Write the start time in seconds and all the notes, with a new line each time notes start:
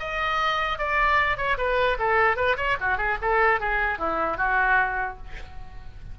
0.00 D#5
0.79 D5
1.37 C#5
1.58 B4
1.99 A4
2.37 B4
2.57 C#5
2.81 F#4
2.98 G#4
3.22 A4
3.60 G#4
3.99 E4
4.37 F#4